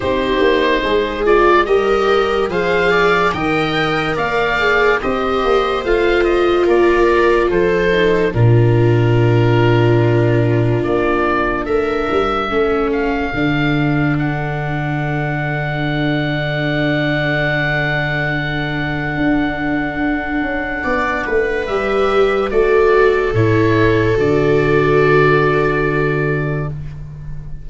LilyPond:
<<
  \new Staff \with { instrumentName = "oboe" } { \time 4/4 \tempo 4 = 72 c''4. d''8 dis''4 f''4 | g''4 f''4 dis''4 f''8 dis''8 | d''4 c''4 ais'2~ | ais'4 d''4 e''4. f''8~ |
f''4 fis''2.~ | fis''1~ | fis''2 e''4 d''4 | cis''4 d''2. | }
  \new Staff \with { instrumentName = "viola" } { \time 4/4 g'4 gis'4 ais'4 c''8 d''8 | dis''4 d''4 c''2 | ais'4 a'4 f'2~ | f'2 ais'4 a'4~ |
a'1~ | a'1~ | a'4 d''8 b'4. a'4~ | a'1 | }
  \new Staff \with { instrumentName = "viola" } { \time 4/4 dis'4. f'8 g'4 gis'4 | ais'4. gis'8 g'4 f'4~ | f'4. dis'8 d'2~ | d'2. cis'4 |
d'1~ | d'1~ | d'2 g'4 fis'4 | e'4 fis'2. | }
  \new Staff \with { instrumentName = "tuba" } { \time 4/4 c'8 ais8 gis4 g4 f4 | dis4 ais4 c'8 ais8 a4 | ais4 f4 ais,2~ | ais,4 ais4 a8 g8 a4 |
d1~ | d2. d'4~ | d'8 cis'8 b8 a8 g4 a4 | a,4 d2. | }
>>